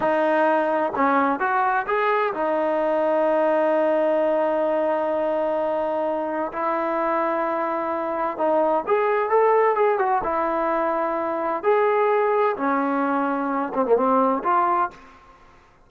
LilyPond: \new Staff \with { instrumentName = "trombone" } { \time 4/4 \tempo 4 = 129 dis'2 cis'4 fis'4 | gis'4 dis'2.~ | dis'1~ | dis'2 e'2~ |
e'2 dis'4 gis'4 | a'4 gis'8 fis'8 e'2~ | e'4 gis'2 cis'4~ | cis'4. c'16 ais16 c'4 f'4 | }